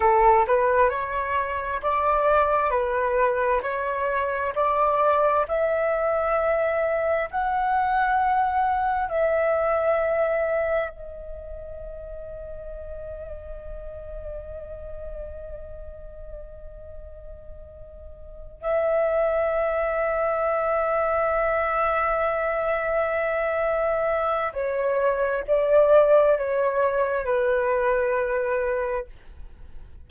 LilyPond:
\new Staff \with { instrumentName = "flute" } { \time 4/4 \tempo 4 = 66 a'8 b'8 cis''4 d''4 b'4 | cis''4 d''4 e''2 | fis''2 e''2 | dis''1~ |
dis''1~ | dis''8 e''2.~ e''8~ | e''2. cis''4 | d''4 cis''4 b'2 | }